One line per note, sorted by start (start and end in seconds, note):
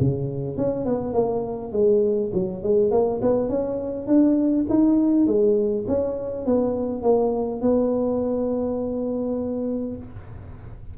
0.00 0.57 C#3
0.57 0.86 C#4
0.86 1.14 B3
1.14 1.72 A#3
1.72 2.31 G#3
2.33 2.63 F#3
2.63 2.91 G#3
2.91 3.21 A#3
3.22 3.49 B3
3.49 4.07 C#4
4.07 4.66 D4
4.70 5.27 D#4
5.27 5.86 G#3
5.88 6.46 C#4
6.46 7.03 B3
7.03 7.61 A#3
7.61 9.97 B3